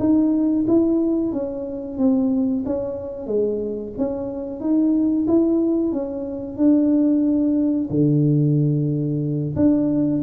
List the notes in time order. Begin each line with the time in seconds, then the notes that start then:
0.00 D#4
0.68 E4
1.33 C#4
1.98 C4
2.66 C#4
3.27 G#3
3.98 C#4
4.61 D#4
5.28 E4
5.93 C#4
6.58 D4
7.90 D3
9.56 D4